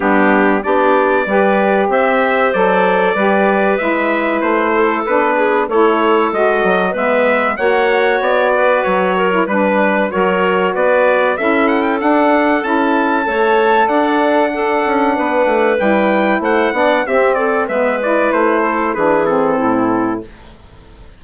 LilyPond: <<
  \new Staff \with { instrumentName = "trumpet" } { \time 4/4 \tempo 4 = 95 g'4 d''2 e''4 | d''2 e''4 c''4 | b'4 cis''4 dis''4 e''4 | fis''4 d''4 cis''4 b'4 |
cis''4 d''4 e''8 fis''16 g''16 fis''4 | a''2 fis''2~ | fis''4 g''4 fis''4 e''8 d''8 | e''8 d''8 c''4 b'8 a'4. | }
  \new Staff \with { instrumentName = "clarinet" } { \time 4/4 d'4 g'4 b'4 c''4~ | c''4 b'2~ b'8 a'8~ | a'8 gis'8 a'2 b'4 | cis''4. b'4 ais'8 b'4 |
ais'4 b'4 a'2~ | a'4 cis''4 d''4 a'4 | b'2 c''8 d''8 g'8 a'8 | b'4. a'8 gis'4 e'4 | }
  \new Staff \with { instrumentName = "saxophone" } { \time 4/4 b4 d'4 g'2 | a'4 g'4 e'2 | d'4 e'4 fis'4 b4 | fis'2~ fis'8. e'16 d'4 |
fis'2 e'4 d'4 | e'4 a'2 d'4~ | d'4 e'4. d'8 c'4 | b8 e'4. d'8 c'4. | }
  \new Staff \with { instrumentName = "bassoon" } { \time 4/4 g4 b4 g4 c'4 | fis4 g4 gis4 a4 | b4 a4 gis8 fis8 gis4 | ais4 b4 fis4 g4 |
fis4 b4 cis'4 d'4 | cis'4 a4 d'4. cis'8 | b8 a8 g4 a8 b8 c'4 | gis4 a4 e4 a,4 | }
>>